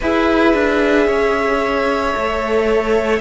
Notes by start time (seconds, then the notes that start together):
0.00 E4 G#4 B4 E5
0.54 D4
1.06 C#4 C#5
2.14 A3 A4